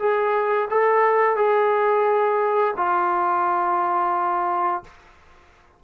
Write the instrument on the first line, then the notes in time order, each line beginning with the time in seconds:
trombone
0.00 G#4
0.71 A4
1.37 G#4
2.77 F4